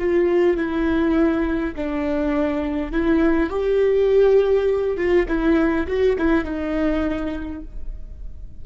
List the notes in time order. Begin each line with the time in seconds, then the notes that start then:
0.00 F4
0.58 E4
1.76 D4
2.93 E4
3.50 G4
4.97 F4
5.28 E4
5.88 F#4
6.19 E4
6.45 D#4